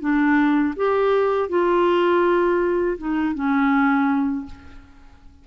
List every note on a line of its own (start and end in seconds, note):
0.00 0.74 D4
0.76 1.49 G4
1.49 2.97 F4
2.98 3.35 D#4
3.35 4.46 C#4